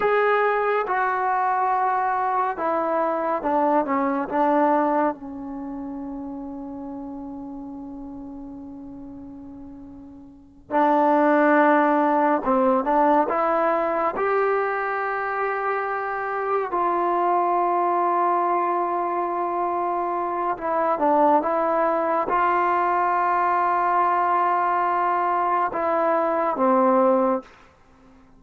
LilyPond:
\new Staff \with { instrumentName = "trombone" } { \time 4/4 \tempo 4 = 70 gis'4 fis'2 e'4 | d'8 cis'8 d'4 cis'2~ | cis'1~ | cis'8 d'2 c'8 d'8 e'8~ |
e'8 g'2. f'8~ | f'1 | e'8 d'8 e'4 f'2~ | f'2 e'4 c'4 | }